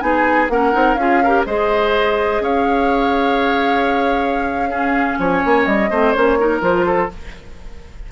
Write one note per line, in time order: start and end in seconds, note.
0.00 0.49 B3
0.00 0.48 D#4
0.00 0.52 G#4
0.00 0.49 G#5
0.49 0.73 A#3
0.49 0.72 C#4
0.49 1.00 A#4
0.49 0.95 F#5
0.72 0.95 C4
0.72 0.96 D#4
0.95 1.43 C#4
0.95 1.24 F4
0.95 1.43 F5
1.01 1.23 G#4
1.23 1.47 G4
1.23 1.46 A#4
1.46 2.40 G#3
1.46 4.70 G#4
1.46 2.42 C5
1.46 2.44 D#5
2.40 5.16 C#4
2.40 4.70 C#5
2.40 5.20 F5
4.70 5.90 C#4
4.70 5.18 G#4
5.19 5.43 F3
5.19 5.90 C#5
5.19 5.66 G#5
5.45 5.67 A#3
5.66 5.91 G3
5.66 6.12 D#5
5.90 6.15 A3
5.90 6.15 C4
5.90 6.38 C5
6.12 6.61 A#3
6.12 6.39 C#4
6.12 6.60 C#5
6.40 6.61 D#4
6.40 6.86 A#4
6.61 7.09 F3
6.61 7.09 F4
6.61 7.12 C5
6.86 7.10 A4